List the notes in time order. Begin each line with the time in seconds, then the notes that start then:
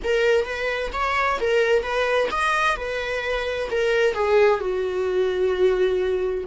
0.03 A#4
0.45 B4
0.92 C#5
1.40 A#4
1.82 B4
2.31 D#5
2.76 B4
3.70 A#4
4.14 G#4
4.59 F#4